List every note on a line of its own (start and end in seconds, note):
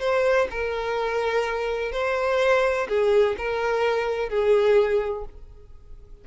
0.00 0.48 C5
0.50 1.92 A#4
1.92 2.87 C5
2.88 3.36 G#4
3.37 4.29 A#4
4.29 5.25 G#4